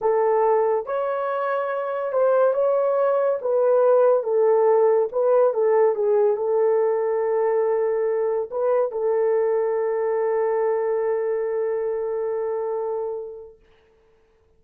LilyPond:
\new Staff \with { instrumentName = "horn" } { \time 4/4 \tempo 4 = 141 a'2 cis''2~ | cis''4 c''4 cis''2 | b'2 a'2 | b'4 a'4 gis'4 a'4~ |
a'1 | b'4 a'2.~ | a'1~ | a'1 | }